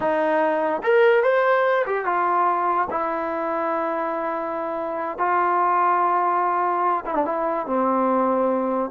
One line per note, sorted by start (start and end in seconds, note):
0.00 0.82 D#4
0.83 1.23 A#4
1.23 1.85 C5
1.86 2.05 G4
2.05 2.88 F4
2.90 5.17 E4
5.18 7.04 F4
7.05 7.15 E4
7.15 7.25 D4
7.25 7.66 E4
7.66 8.90 C4